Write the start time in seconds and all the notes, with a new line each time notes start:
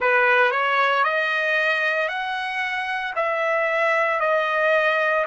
0.00 B4
0.51 C#5
1.04 D#5
2.08 F#5
3.15 E5
4.20 D#5